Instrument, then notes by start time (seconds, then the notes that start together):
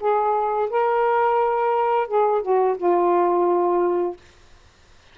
saxophone
0.00 G#4
0.70 A#4
2.08 G#4
2.42 F#4
2.77 F4